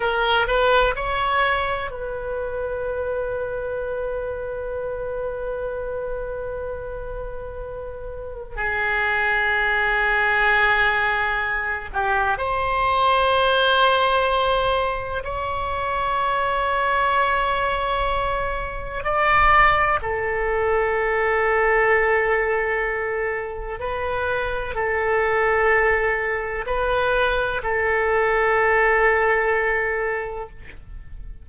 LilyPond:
\new Staff \with { instrumentName = "oboe" } { \time 4/4 \tempo 4 = 63 ais'8 b'8 cis''4 b'2~ | b'1~ | b'4 gis'2.~ | gis'8 g'8 c''2. |
cis''1 | d''4 a'2.~ | a'4 b'4 a'2 | b'4 a'2. | }